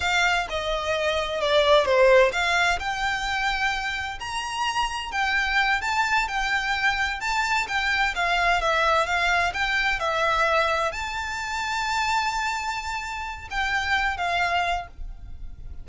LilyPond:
\new Staff \with { instrumentName = "violin" } { \time 4/4 \tempo 4 = 129 f''4 dis''2 d''4 | c''4 f''4 g''2~ | g''4 ais''2 g''4~ | g''8 a''4 g''2 a''8~ |
a''8 g''4 f''4 e''4 f''8~ | f''8 g''4 e''2 a''8~ | a''1~ | a''4 g''4. f''4. | }